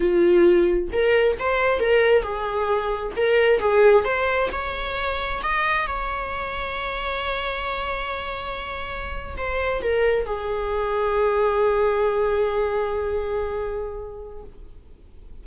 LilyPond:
\new Staff \with { instrumentName = "viola" } { \time 4/4 \tempo 4 = 133 f'2 ais'4 c''4 | ais'4 gis'2 ais'4 | gis'4 c''4 cis''2 | dis''4 cis''2.~ |
cis''1~ | cis''8. c''4 ais'4 gis'4~ gis'16~ | gis'1~ | gis'1 | }